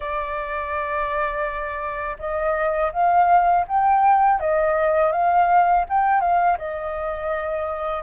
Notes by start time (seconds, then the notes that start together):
0.00 D5
2.19 D#5
2.92 F5
3.68 G5
4.39 D#5
5.12 F5
5.89 G5
6.20 F5
6.58 D#5